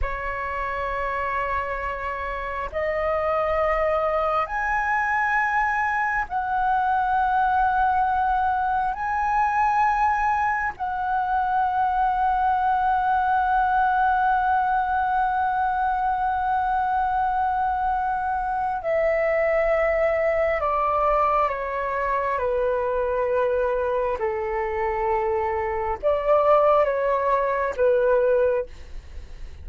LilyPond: \new Staff \with { instrumentName = "flute" } { \time 4/4 \tempo 4 = 67 cis''2. dis''4~ | dis''4 gis''2 fis''4~ | fis''2 gis''2 | fis''1~ |
fis''1~ | fis''4 e''2 d''4 | cis''4 b'2 a'4~ | a'4 d''4 cis''4 b'4 | }